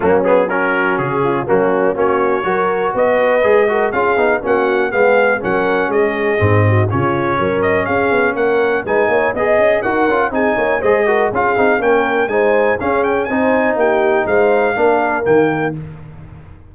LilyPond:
<<
  \new Staff \with { instrumentName = "trumpet" } { \time 4/4 \tempo 4 = 122 fis'8 gis'8 ais'4 gis'4 fis'4 | cis''2 dis''2 | f''4 fis''4 f''4 fis''4 | dis''2 cis''4. dis''8 |
f''4 fis''4 gis''4 dis''4 | fis''4 gis''4 dis''4 f''4 | g''4 gis''4 f''8 g''8 gis''4 | g''4 f''2 g''4 | }
  \new Staff \with { instrumentName = "horn" } { \time 4/4 cis'4 fis'4. f'8 cis'4 | fis'4 ais'4 b'4. ais'8 | gis'4 fis'4 gis'4 ais'4 | gis'4. fis'8 f'4 ais'4 |
gis'4 ais'4 b'8 cis''8 dis''4 | ais'4 gis'8 cis''8 c''8 ais'8 gis'4 | ais'4 c''4 gis'4 c''4 | g'4 c''4 ais'2 | }
  \new Staff \with { instrumentName = "trombone" } { \time 4/4 ais8 b8 cis'2 ais4 | cis'4 fis'2 gis'8 fis'8 | f'8 dis'8 cis'4 b4 cis'4~ | cis'4 c'4 cis'2~ |
cis'2 dis'4 gis'4 | fis'8 f'8 dis'4 gis'8 fis'8 f'8 dis'8 | cis'4 dis'4 cis'4 dis'4~ | dis'2 d'4 ais4 | }
  \new Staff \with { instrumentName = "tuba" } { \time 4/4 fis2 cis4 fis4 | ais4 fis4 b4 gis4 | cis'8 b8 ais4 gis4 fis4 | gis4 gis,4 cis4 fis4 |
cis'8 b8 ais4 gis8 ais8 b8 cis'8 | dis'8 cis'8 c'8 ais8 gis4 cis'8 c'8 | ais4 gis4 cis'4 c'4 | ais4 gis4 ais4 dis4 | }
>>